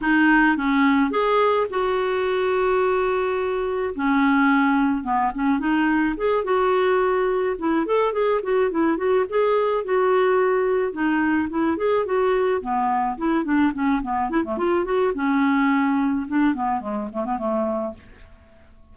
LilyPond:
\new Staff \with { instrumentName = "clarinet" } { \time 4/4 \tempo 4 = 107 dis'4 cis'4 gis'4 fis'4~ | fis'2. cis'4~ | cis'4 b8 cis'8 dis'4 gis'8 fis'8~ | fis'4. e'8 a'8 gis'8 fis'8 e'8 |
fis'8 gis'4 fis'2 dis'8~ | dis'8 e'8 gis'8 fis'4 b4 e'8 | d'8 cis'8 b8 e'16 a16 f'8 fis'8 cis'4~ | cis'4 d'8 b8 gis8 a16 b16 a4 | }